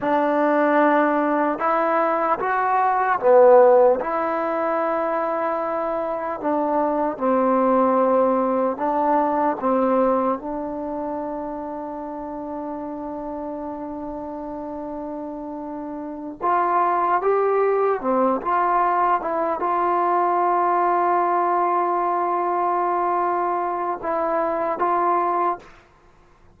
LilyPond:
\new Staff \with { instrumentName = "trombone" } { \time 4/4 \tempo 4 = 75 d'2 e'4 fis'4 | b4 e'2. | d'4 c'2 d'4 | c'4 d'2.~ |
d'1~ | d'8 f'4 g'4 c'8 f'4 | e'8 f'2.~ f'8~ | f'2 e'4 f'4 | }